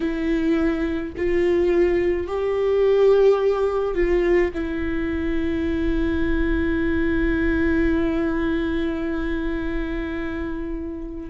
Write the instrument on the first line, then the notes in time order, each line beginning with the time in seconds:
viola
0.00 E4
1.16 F4
2.26 G4
3.94 F4
4.53 E4